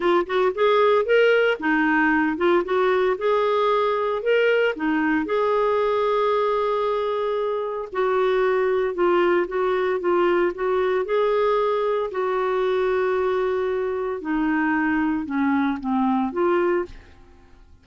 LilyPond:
\new Staff \with { instrumentName = "clarinet" } { \time 4/4 \tempo 4 = 114 f'8 fis'8 gis'4 ais'4 dis'4~ | dis'8 f'8 fis'4 gis'2 | ais'4 dis'4 gis'2~ | gis'2. fis'4~ |
fis'4 f'4 fis'4 f'4 | fis'4 gis'2 fis'4~ | fis'2. dis'4~ | dis'4 cis'4 c'4 f'4 | }